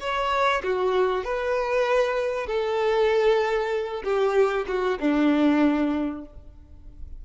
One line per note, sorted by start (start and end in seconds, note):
0.00 0.62 C#5
0.63 1.24 F#4
1.24 2.47 B4
2.47 4.03 A4
4.04 4.66 G4
4.67 4.99 F#4
5.00 6.25 D4